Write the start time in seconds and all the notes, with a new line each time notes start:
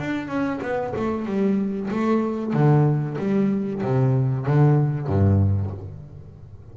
0.00 D4
0.28 C#4
0.62 B3
0.97 A3
1.26 G3
1.91 A3
2.54 D3
3.19 G3
3.83 C3
4.46 D3
5.07 G2